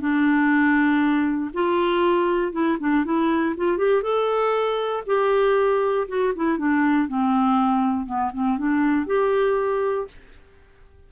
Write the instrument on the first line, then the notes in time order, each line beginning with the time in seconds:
clarinet
0.00 D4
1.53 F4
2.52 E4
2.80 D4
3.05 E4
3.57 F4
3.77 G4
4.02 A4
5.06 G4
6.08 F#4
6.36 E4
6.58 D4
7.08 C4
8.06 B3
8.34 C4
8.58 D4
9.06 G4